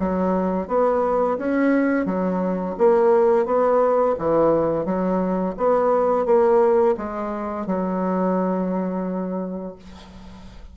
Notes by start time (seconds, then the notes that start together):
0.00 F#3
0.68 B3
1.39 C#4
2.06 F#3
2.78 A#3
3.46 B3
4.19 E3
4.86 F#3
5.58 B3
6.26 A#3
6.98 G#3
7.67 F#3